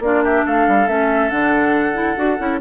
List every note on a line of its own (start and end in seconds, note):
0.00 0.43 A#3
0.00 0.88 D4
0.00 0.24 F4
0.00 0.24 D5
0.24 0.46 G4
0.24 0.46 E5
0.46 0.68 A3
0.46 2.61 A4
0.46 0.87 F5
0.68 0.88 G3
0.87 1.31 A3
0.87 1.31 C#4
0.87 1.30 E5
1.30 2.17 D3
1.30 1.94 D4
1.30 2.60 F#5
1.94 2.16 E4
2.16 2.39 D4
2.16 2.38 F#4
2.38 2.62 C#4
2.38 2.60 E4